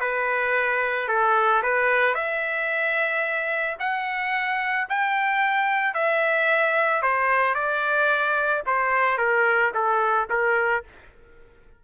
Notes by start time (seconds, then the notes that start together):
0.00 B4
1.08 A4
1.62 B4
2.14 E5
3.79 F#5
4.89 G5
5.94 E5
7.02 C5
7.55 D5
8.66 C5
9.18 A#4
9.74 A4
10.30 A#4